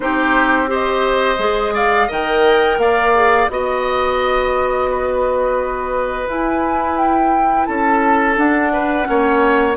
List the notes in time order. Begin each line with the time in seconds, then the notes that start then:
0.00 C4 D#4 G4 C5
0.67 G4 C5 D#5
1.38 G#3 G#4
1.74 D5 F5
2.07 D#3 A#4 D#5 G5
2.77 A#3 D5 F5
3.14 G#4
3.49 B3 F#4 D#5
4.90 B4
6.27 E4 G#5
6.97 G5
7.65 C#4 A4 A5
8.36 D4 F#5
8.72 B4
9.03 A#3 C#4
9.09 C#5